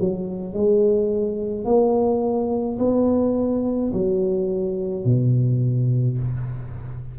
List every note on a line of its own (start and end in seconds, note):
0.00 0.54 F#3
0.54 1.65 G#3
1.65 2.78 A#3
2.79 3.92 B3
3.93 5.05 F#3
5.05 6.18 B2